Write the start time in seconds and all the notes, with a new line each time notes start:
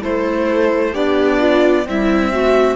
0.00 A3 E4 A4 C5
0.92 B3 D4 G4 D5
1.39 F4
1.86 G3 C4 E4 E5
2.32 A3 F#4